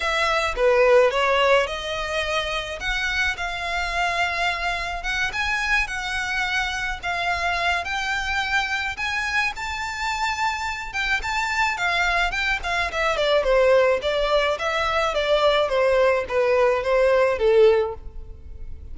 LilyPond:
\new Staff \with { instrumentName = "violin" } { \time 4/4 \tempo 4 = 107 e''4 b'4 cis''4 dis''4~ | dis''4 fis''4 f''2~ | f''4 fis''8 gis''4 fis''4.~ | fis''8 f''4. g''2 |
gis''4 a''2~ a''8 g''8 | a''4 f''4 g''8 f''8 e''8 d''8 | c''4 d''4 e''4 d''4 | c''4 b'4 c''4 a'4 | }